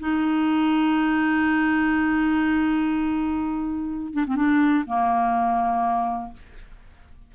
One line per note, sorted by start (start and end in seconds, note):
0.00 4.13 D#4
4.13 4.25 D4
4.27 4.36 C4
4.36 4.84 D4
4.87 6.33 A#3